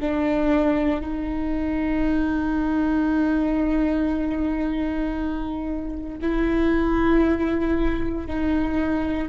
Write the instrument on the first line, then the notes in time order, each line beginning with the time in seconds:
viola
0.00 D4
1.00 D#4
6.21 E4
8.27 D#4